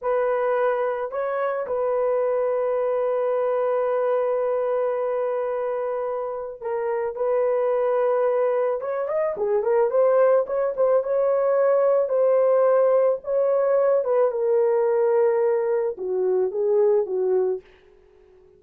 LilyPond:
\new Staff \with { instrumentName = "horn" } { \time 4/4 \tempo 4 = 109 b'2 cis''4 b'4~ | b'1~ | b'1 | ais'4 b'2. |
cis''8 dis''8 gis'8 ais'8 c''4 cis''8 c''8 | cis''2 c''2 | cis''4. b'8 ais'2~ | ais'4 fis'4 gis'4 fis'4 | }